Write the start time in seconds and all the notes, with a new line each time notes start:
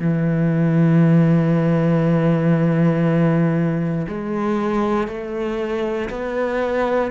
0.00 E3
4.09 G#3
5.08 A3
6.10 B3